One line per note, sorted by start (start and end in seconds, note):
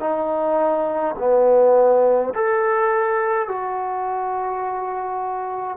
0.00 1.15 D#4
1.19 2.34 B3
2.34 3.48 A4
3.48 5.77 F#4